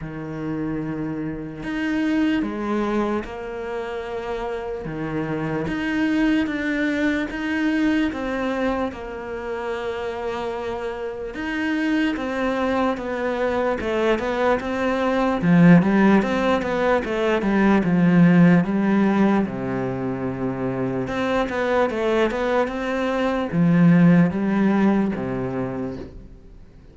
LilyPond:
\new Staff \with { instrumentName = "cello" } { \time 4/4 \tempo 4 = 74 dis2 dis'4 gis4 | ais2 dis4 dis'4 | d'4 dis'4 c'4 ais4~ | ais2 dis'4 c'4 |
b4 a8 b8 c'4 f8 g8 | c'8 b8 a8 g8 f4 g4 | c2 c'8 b8 a8 b8 | c'4 f4 g4 c4 | }